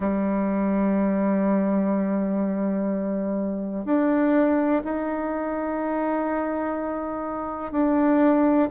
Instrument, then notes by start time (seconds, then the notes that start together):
bassoon
0.00 G3
3.84 D4
4.84 D#4
7.72 D4